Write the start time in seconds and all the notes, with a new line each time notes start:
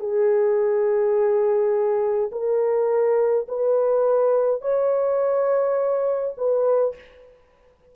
0.00 G#4
2.32 A#4
3.48 B4
4.62 C#5
6.38 B4